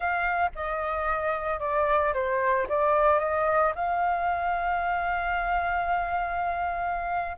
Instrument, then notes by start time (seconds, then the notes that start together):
flute
0.00 F5
0.55 D#5
1.59 D5
2.13 C5
2.68 D5
3.19 D#5
3.75 F5